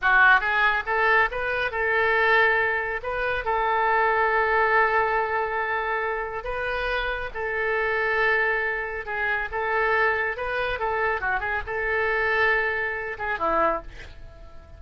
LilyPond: \new Staff \with { instrumentName = "oboe" } { \time 4/4 \tempo 4 = 139 fis'4 gis'4 a'4 b'4 | a'2. b'4 | a'1~ | a'2. b'4~ |
b'4 a'2.~ | a'4 gis'4 a'2 | b'4 a'4 fis'8 gis'8 a'4~ | a'2~ a'8 gis'8 e'4 | }